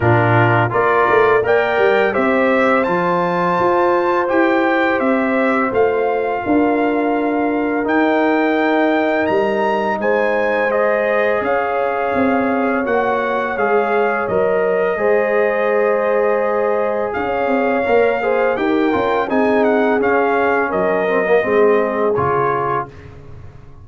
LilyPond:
<<
  \new Staff \with { instrumentName = "trumpet" } { \time 4/4 \tempo 4 = 84 ais'4 d''4 g''4 e''4 | a''2 g''4 e''4 | f''2. g''4~ | g''4 ais''4 gis''4 dis''4 |
f''2 fis''4 f''4 | dis''1 | f''2 g''4 gis''8 fis''8 | f''4 dis''2 cis''4 | }
  \new Staff \with { instrumentName = "horn" } { \time 4/4 f'4 ais'4 d''4 c''4~ | c''1~ | c''4 ais'2.~ | ais'2 c''2 |
cis''1~ | cis''4 c''2. | cis''4. c''8 ais'4 gis'4~ | gis'4 ais'4 gis'2 | }
  \new Staff \with { instrumentName = "trombone" } { \time 4/4 d'4 f'4 ais'4 g'4 | f'2 g'2 | f'2. dis'4~ | dis'2. gis'4~ |
gis'2 fis'4 gis'4 | ais'4 gis'2.~ | gis'4 ais'8 gis'8 g'8 f'8 dis'4 | cis'4. c'16 ais16 c'4 f'4 | }
  \new Staff \with { instrumentName = "tuba" } { \time 4/4 ais,4 ais8 a8 ais8 g8 c'4 | f4 f'4 e'4 c'4 | a4 d'2 dis'4~ | dis'4 g4 gis2 |
cis'4 c'4 ais4 gis4 | fis4 gis2. | cis'8 c'8 ais4 dis'8 cis'8 c'4 | cis'4 fis4 gis4 cis4 | }
>>